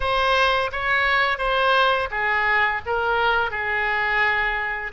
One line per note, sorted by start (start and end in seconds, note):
0.00 0.71 C5
0.72 1.38 C#5
1.38 2.08 C5
2.10 2.81 G#4
2.86 3.50 A#4
3.50 4.92 G#4